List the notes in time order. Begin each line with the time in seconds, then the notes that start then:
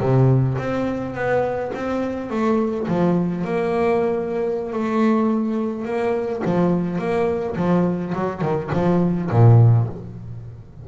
0.00 C3
0.58 C4
1.15 B3
1.74 C4
2.30 A3
2.88 F3
3.44 A#3
4.72 A3
5.85 A#3
6.45 F3
6.98 A#3
7.56 F3
8.15 F#3
8.41 D#3
8.73 F3
9.30 A#2